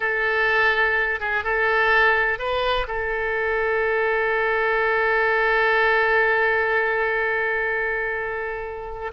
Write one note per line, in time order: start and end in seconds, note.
0.00 1.20 A4
1.20 1.44 G#4
1.44 2.38 A4
2.38 2.86 B4
2.87 9.11 A4